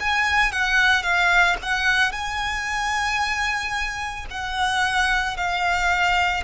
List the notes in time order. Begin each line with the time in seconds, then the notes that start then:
0.00 G#5
0.52 F#5
1.03 F5
1.62 F#5
2.12 G#5
4.31 F#5
5.36 F5